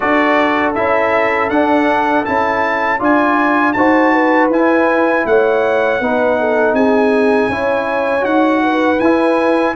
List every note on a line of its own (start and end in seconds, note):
0.00 0.76 D4
0.00 0.74 F#4
0.00 2.98 A4
0.00 0.73 D5
0.74 1.49 C#4
0.74 1.50 E4
0.74 1.49 E5
1.49 2.24 D4
1.49 2.25 D4
1.49 2.24 F#5
2.25 3.00 C#4
2.25 2.99 E4
2.25 3.00 A5
2.98 3.75 D4
2.98 3.74 F4
2.98 3.73 D5
2.98 3.72 G#5
3.72 4.49 D#4
3.72 4.52 F#4
3.72 4.13 C5
3.72 4.47 A5
4.13 5.25 B4
4.49 5.24 E4
4.49 6.02 E4
4.49 5.26 G#5
5.25 6.00 A3
5.25 6.01 C#5
5.25 6.75 F#5
6.00 6.73 B3
6.00 7.51 D#4
6.00 6.38 B4
6.39 6.75 A4
6.73 7.48 C4
6.73 7.50 G#4
6.73 8.25 G#5
7.49 8.23 C#4
7.49 8.20 E4
7.49 8.62 C#5
8.20 8.98 D#4
8.20 8.95 F#4
8.20 8.99 F#5
8.62 9.75 B4
8.99 9.74 E4
8.99 9.75 E4
8.99 9.74 G#5